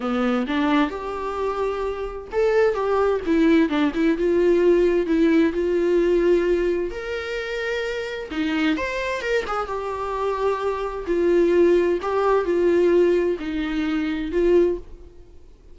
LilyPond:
\new Staff \with { instrumentName = "viola" } { \time 4/4 \tempo 4 = 130 b4 d'4 g'2~ | g'4 a'4 g'4 e'4 | d'8 e'8 f'2 e'4 | f'2. ais'4~ |
ais'2 dis'4 c''4 | ais'8 gis'8 g'2. | f'2 g'4 f'4~ | f'4 dis'2 f'4 | }